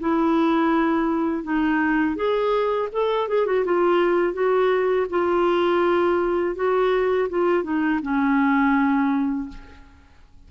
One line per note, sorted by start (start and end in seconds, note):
0.00 1.44 E4
1.44 2.16 D#4
2.16 2.89 G#4
2.92 3.29 A4
3.29 3.47 G#4
3.47 3.65 F#4
3.65 4.34 F4
4.34 5.07 F#4
5.10 6.56 F4
6.56 7.29 F#4
7.30 7.64 F4
7.64 8.00 D#4
8.03 9.49 C#4